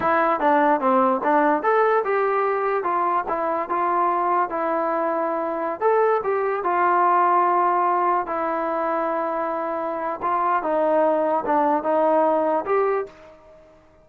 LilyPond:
\new Staff \with { instrumentName = "trombone" } { \time 4/4 \tempo 4 = 147 e'4 d'4 c'4 d'4 | a'4 g'2 f'4 | e'4 f'2 e'4~ | e'2~ e'16 a'4 g'8.~ |
g'16 f'2.~ f'8.~ | f'16 e'2.~ e'8.~ | e'4 f'4 dis'2 | d'4 dis'2 g'4 | }